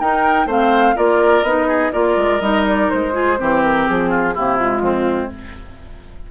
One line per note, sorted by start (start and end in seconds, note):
0.00 0.46 D#4
0.00 0.48 D#4
0.00 0.47 A#4
0.00 0.48 G5
0.46 0.95 A3
0.46 0.96 C4
0.46 0.95 C5
0.46 0.97 F5
0.96 1.43 A#3
0.96 1.44 F4
0.96 1.68 A#4
0.96 1.44 D5
1.43 1.92 B3
1.43 1.93 D#4
1.43 1.92 D#5
1.68 1.92 G#4
1.93 2.17 A#3
1.93 2.41 F4
1.93 3.14 A#4
1.93 2.41 D5
2.17 2.41 G#3
2.41 2.89 G3
2.41 3.13 D#4
2.41 2.65 D#5
2.68 2.90 D5
2.90 3.41 G#3
2.90 3.63 C5
3.13 3.37 F4
3.13 3.39 G#4
3.38 3.89 E3
3.38 4.35 C4
3.38 4.10 G4
3.63 3.87 A#4
3.87 4.38 F3
3.87 4.35 G#4
4.10 4.34 F4
4.34 4.81 C3
4.34 4.58 A#3
4.34 4.83 E4
4.34 4.58 G4
4.58 5.31 G#3
4.58 5.31 F4
4.81 5.29 F2
4.81 5.31 C4